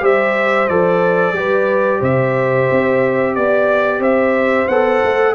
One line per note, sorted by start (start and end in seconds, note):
0.00 0.68 G3
0.00 0.67 G4
0.00 1.36 C5
0.00 0.68 E5
0.68 1.33 F3
0.68 1.34 A4
0.68 2.01 D5
1.33 1.99 G3
1.33 4.68 G4
1.33 2.00 B4
2.00 2.68 C3
2.00 3.33 C5
2.00 3.35 E5
2.71 3.36 C4
3.35 3.99 B3
3.35 4.01 D5
3.99 4.66 C4
3.99 5.34 C5
3.99 4.67 E5
4.67 5.02 B3
4.67 5.35 A4
4.67 5.34 F#5
5.03 5.35 A3